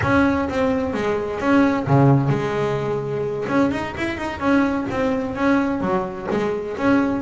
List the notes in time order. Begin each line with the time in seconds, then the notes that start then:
0.02 C#4
0.49 C4
0.93 G#3
1.40 C#4
1.86 C#3
2.29 G#3
3.48 C#4
3.71 D#4
3.97 E4
4.17 D#4
4.39 C#4
4.90 C4
5.35 C#4
5.80 F#3
6.30 G#3
6.77 C#4